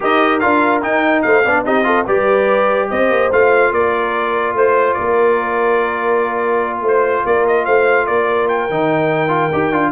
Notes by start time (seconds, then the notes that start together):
0.00 D#4 G4 A#4 D#5
0.39 D4 F4 F5
0.81 D#4 G5
1.22 A3 C5 F5
1.44 B3 D4 D5
1.65 C4 D#4 G4 D#5
1.84 F4 A4
2.06 G3 G4 B4 D5
2.89 C4 C5 D#5
3.10 A#3
3.31 A3 F4 F5
3.72 A#3 A#4 D5
4.54 A3 C5
4.93 A#3 A#4 D5
6.81 A3 C5
7.25 A#3 A#4 D5
7.47 D#5
7.65 A3 C5 F5
8.06 A#3 A#4 D5
8.48 G5
8.69 D#3 D#4
9.28 F4
9.53 D#4 G4
9.72 D4 F4